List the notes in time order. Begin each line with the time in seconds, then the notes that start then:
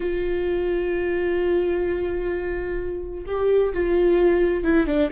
0.00 F4
3.26 G4
3.73 F4
4.64 E4
4.86 D4